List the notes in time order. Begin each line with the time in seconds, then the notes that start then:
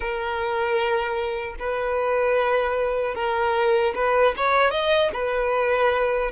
0.00 A#4
1.59 B4
3.14 A#4
3.95 B4
4.36 C#5
4.70 D#5
5.13 B4